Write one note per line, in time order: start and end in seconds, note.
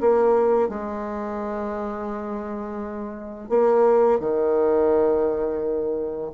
0.00 0.68 A#3
0.68 3.49 G#3
3.49 4.19 A#3
4.19 6.31 D#3